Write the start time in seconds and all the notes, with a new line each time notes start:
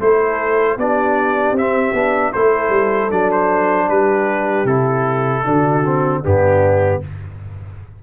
0.00 A3 E4 A4 C5
0.77 B3 D4 G4 D5
1.52 C4 E5
1.93 B3 D4
2.33 A3 E4 A4 C5
2.69 G3
3.11 F#3 D4 D5
3.31 C5
3.87 G3 G4 B4
4.64 C3 E4 A4
5.44 D3 D4 F#4
5.85 C4
6.21 G2 B3 D4 G4